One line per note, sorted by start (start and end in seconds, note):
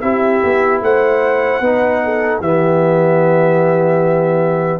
0.00 0.42 C4
0.00 1.62 E4
0.00 0.82 G4
0.00 0.80 E5
0.43 0.81 B3
0.81 1.60 A3
0.81 1.61 C5
0.81 2.41 F#5
1.60 2.40 B3
1.60 2.42 D#4
1.60 2.01 B4
2.03 2.41 A4
2.40 4.80 E3
2.40 4.80 B3
2.40 4.80 G4
2.40 4.80 E5